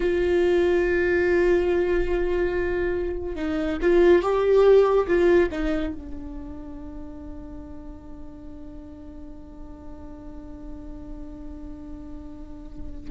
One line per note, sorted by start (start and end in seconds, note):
0.00 3.35 F4
3.35 3.78 D#4
3.81 4.22 F4
4.22 5.06 G4
5.07 5.49 F4
5.51 5.93 D#4
5.93 13.10 D4